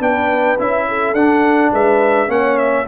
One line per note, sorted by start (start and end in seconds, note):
0.00 0.57 B3
0.00 0.57 D4
0.00 0.87 B4
0.00 0.59 G5
0.59 1.13 C#4
0.59 1.16 E4
0.59 1.14 E5
0.88 1.71 A4
1.13 1.70 D4
1.13 2.27 D4
1.13 1.72 F#5
1.71 2.28 G#3
1.71 2.29 B4
1.71 2.31 E5
2.27 2.85 A#3
2.27 2.85 C#4
2.27 2.87 C#5
2.27 2.58 F#5
2.58 2.86 E5